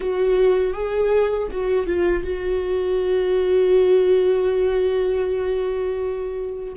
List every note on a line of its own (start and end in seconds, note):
0.00 0.73 F#4
0.73 1.48 G#4
1.51 1.86 F#4
1.86 2.23 F4
2.23 6.73 F#4